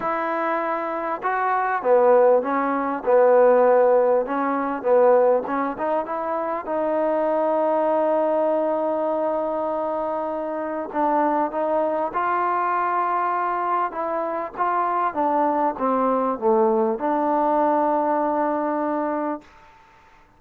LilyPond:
\new Staff \with { instrumentName = "trombone" } { \time 4/4 \tempo 4 = 99 e'2 fis'4 b4 | cis'4 b2 cis'4 | b4 cis'8 dis'8 e'4 dis'4~ | dis'1~ |
dis'2 d'4 dis'4 | f'2. e'4 | f'4 d'4 c'4 a4 | d'1 | }